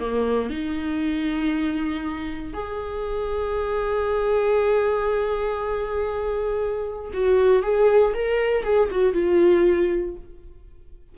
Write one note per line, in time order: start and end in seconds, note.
0.00 0.50 A#3
0.50 2.54 D#4
2.54 7.11 G#4
7.14 7.63 F#4
7.63 8.14 G#4
8.14 8.64 A#4
8.64 8.89 G#4
8.91 9.14 F#4
9.14 10.15 F4